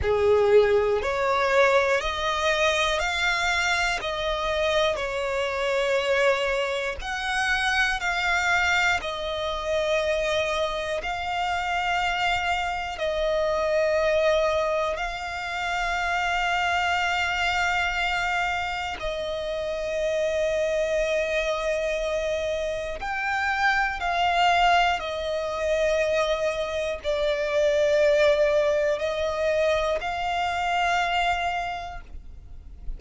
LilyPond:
\new Staff \with { instrumentName = "violin" } { \time 4/4 \tempo 4 = 60 gis'4 cis''4 dis''4 f''4 | dis''4 cis''2 fis''4 | f''4 dis''2 f''4~ | f''4 dis''2 f''4~ |
f''2. dis''4~ | dis''2. g''4 | f''4 dis''2 d''4~ | d''4 dis''4 f''2 | }